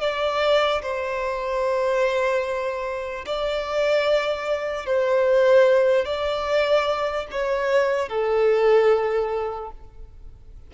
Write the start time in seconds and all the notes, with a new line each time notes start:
0.00 D5
0.81 C5
3.25 D5
4.86 C5
6.05 D5
7.31 C#5
8.08 A4